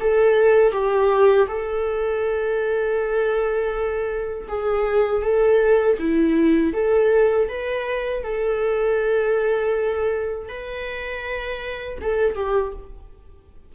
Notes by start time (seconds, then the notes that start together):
0.00 A4
0.72 G4
1.47 A4
4.48 G#4
5.22 A4
5.98 E4
6.73 A4
7.48 B4
8.23 A4
10.48 B4
12.01 A4
12.35 G4